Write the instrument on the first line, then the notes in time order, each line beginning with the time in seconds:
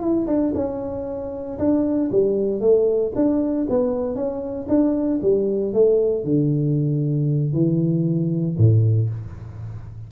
tuba
0.00 E4
0.27 D4
0.54 C#4
1.58 D4
2.11 G3
2.60 A3
3.15 D4
3.69 B3
4.15 C#4
4.68 D4
5.22 G3
5.73 A3
6.24 D3
7.53 E3
8.57 A2